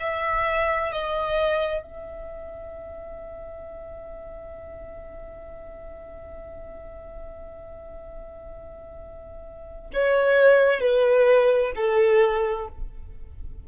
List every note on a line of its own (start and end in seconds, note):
0.00 0.92 E5
0.92 1.83 D#5
1.83 9.91 E5
9.94 10.80 C#5
10.80 11.73 B4
11.76 12.68 A4